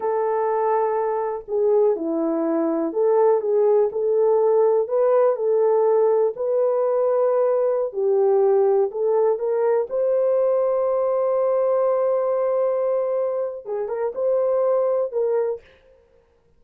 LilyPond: \new Staff \with { instrumentName = "horn" } { \time 4/4 \tempo 4 = 123 a'2. gis'4 | e'2 a'4 gis'4 | a'2 b'4 a'4~ | a'4 b'2.~ |
b'16 g'2 a'4 ais'8.~ | ais'16 c''2.~ c''8.~ | c''1 | gis'8 ais'8 c''2 ais'4 | }